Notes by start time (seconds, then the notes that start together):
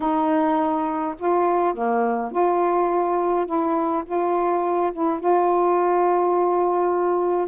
0.00 D#4
1.19 F4
1.74 A#3
2.31 F4
3.46 E4
4.05 F4
4.92 E4
5.19 F4